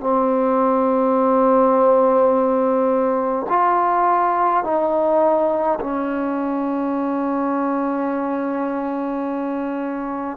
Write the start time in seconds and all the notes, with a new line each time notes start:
0.00 C4
3.49 F4
4.64 D#4
5.80 C#4